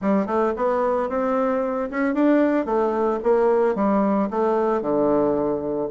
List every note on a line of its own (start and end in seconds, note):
0.01 0.26 G3
0.26 0.53 A3
0.56 1.09 B3
1.09 1.89 C4
1.90 2.14 C#4
2.14 2.65 D4
2.65 3.19 A3
3.23 3.75 A#3
3.75 4.28 G3
4.30 4.81 A3
4.81 5.88 D3